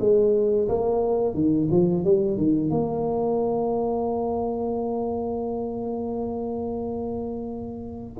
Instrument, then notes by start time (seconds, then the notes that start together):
tuba
0.00 G#3
0.69 A#3
1.34 D#3
1.71 F3
2.04 G3
2.37 D#3
2.70 A#3